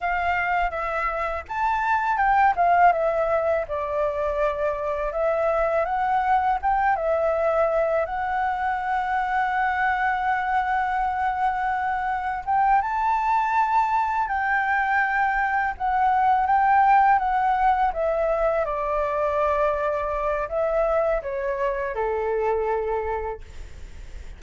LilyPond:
\new Staff \with { instrumentName = "flute" } { \time 4/4 \tempo 4 = 82 f''4 e''4 a''4 g''8 f''8 | e''4 d''2 e''4 | fis''4 g''8 e''4. fis''4~ | fis''1~ |
fis''4 g''8 a''2 g''8~ | g''4. fis''4 g''4 fis''8~ | fis''8 e''4 d''2~ d''8 | e''4 cis''4 a'2 | }